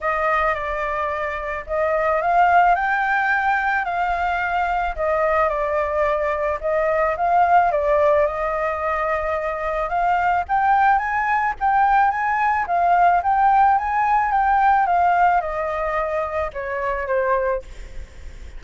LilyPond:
\new Staff \with { instrumentName = "flute" } { \time 4/4 \tempo 4 = 109 dis''4 d''2 dis''4 | f''4 g''2 f''4~ | f''4 dis''4 d''2 | dis''4 f''4 d''4 dis''4~ |
dis''2 f''4 g''4 | gis''4 g''4 gis''4 f''4 | g''4 gis''4 g''4 f''4 | dis''2 cis''4 c''4 | }